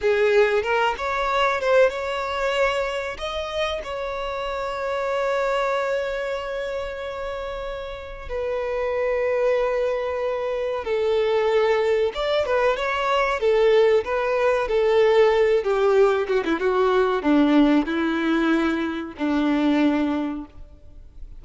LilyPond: \new Staff \with { instrumentName = "violin" } { \time 4/4 \tempo 4 = 94 gis'4 ais'8 cis''4 c''8 cis''4~ | cis''4 dis''4 cis''2~ | cis''1~ | cis''4 b'2.~ |
b'4 a'2 d''8 b'8 | cis''4 a'4 b'4 a'4~ | a'8 g'4 fis'16 e'16 fis'4 d'4 | e'2 d'2 | }